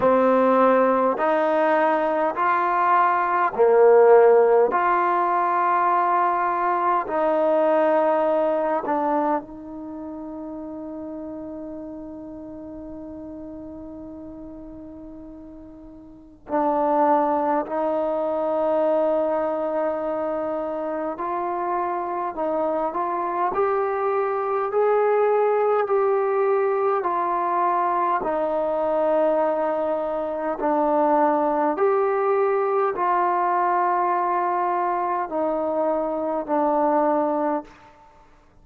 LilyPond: \new Staff \with { instrumentName = "trombone" } { \time 4/4 \tempo 4 = 51 c'4 dis'4 f'4 ais4 | f'2 dis'4. d'8 | dis'1~ | dis'2 d'4 dis'4~ |
dis'2 f'4 dis'8 f'8 | g'4 gis'4 g'4 f'4 | dis'2 d'4 g'4 | f'2 dis'4 d'4 | }